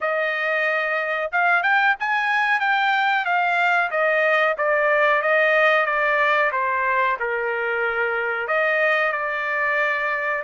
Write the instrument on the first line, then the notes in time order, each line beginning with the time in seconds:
trumpet
0.01 D#5
1.32 F5
1.62 G5
1.99 G#5
2.59 G5
3.25 F5
3.90 D#5
4.57 D5
5.22 D#5
5.85 D5
6.52 C5
7.19 A#4
8.47 D#5
9.12 D5